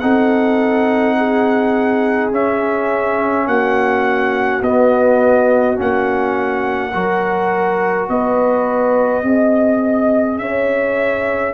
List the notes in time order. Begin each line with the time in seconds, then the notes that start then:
0.00 C4 D#4 A4 F#5
1.18 G#4
2.32 C#4 E5
3.47 A#3 F#4 F#5
4.62 B3 D#5
5.76 A#3 C#4 F#5
6.93 F#3 F#4 A#4
8.09 B3 B4 D#5
9.23 C4 G#4 D#5
10.38 C#4 C#5 E5